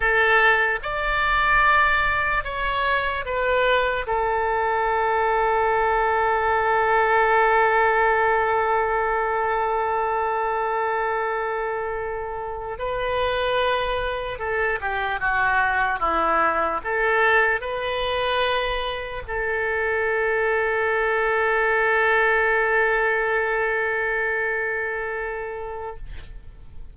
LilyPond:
\new Staff \with { instrumentName = "oboe" } { \time 4/4 \tempo 4 = 74 a'4 d''2 cis''4 | b'4 a'2.~ | a'1~ | a'2.~ a'8. b'16~ |
b'4.~ b'16 a'8 g'8 fis'4 e'16~ | e'8. a'4 b'2 a'16~ | a'1~ | a'1 | }